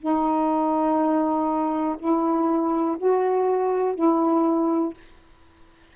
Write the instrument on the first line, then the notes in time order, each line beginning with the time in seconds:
saxophone
0.00 D#4
1.99 E4
2.99 F#4
3.96 E4